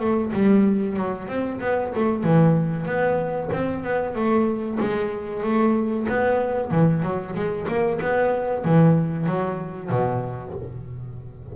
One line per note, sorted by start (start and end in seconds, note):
0.00 0.32 A3
0.33 0.97 G3
0.97 1.28 F#3
1.28 1.60 C4
1.61 1.93 B3
1.96 2.24 A3
2.24 2.86 E3
2.86 3.50 B3
3.53 3.84 C4
3.84 4.15 B3
4.15 4.79 A3
4.80 5.43 G#3
5.43 6.07 A3
6.09 6.71 B3
6.71 7.03 E3
7.03 7.35 F#3
7.35 7.67 G#3
7.68 8.00 A#3
8.01 8.65 B3
8.65 9.27 E3
9.27 9.90 F#3
9.90 10.54 B2